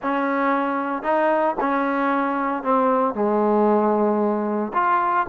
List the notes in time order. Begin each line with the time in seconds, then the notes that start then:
0.02 C#4
1.02 D#4
1.60 C#4
2.63 C4
3.14 G#3
4.73 F4